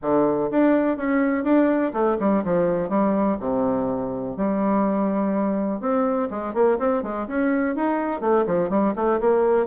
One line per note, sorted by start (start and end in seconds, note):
0.01 0.50 D3
0.51 0.97 D4
0.97 1.43 C#4
1.43 1.92 D4
1.93 2.17 A3
2.19 2.43 G3
2.44 2.89 F3
2.89 3.37 G3
3.40 4.37 C3
4.37 5.80 G3
5.80 6.28 C4
6.30 6.53 G#3
6.53 6.78 A#3
6.78 7.02 C4
7.02 7.27 G#3
7.27 7.75 C#4
7.75 8.20 D#4
8.20 8.45 A3
8.46 8.69 F3
8.69 8.93 G3
8.95 9.20 A3
9.20 9.66 A#3